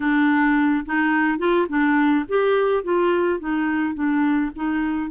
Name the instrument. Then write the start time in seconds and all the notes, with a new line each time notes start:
clarinet
0.00 D4
0.85 D#4
1.38 F4
1.68 D4
2.28 G4
2.83 F4
3.39 D#4
3.94 D4
4.55 D#4